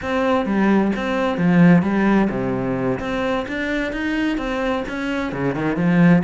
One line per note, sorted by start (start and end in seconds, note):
0.02 0.45 C4
0.45 0.91 G3
0.95 1.37 C4
1.37 1.82 F3
1.82 2.28 G3
2.30 2.99 C3
2.99 3.46 C4
3.47 3.92 D4
3.92 4.37 D#4
4.37 4.83 C4
4.88 5.32 C#4
5.32 5.54 C#3
5.54 5.76 D#3
5.76 6.22 F3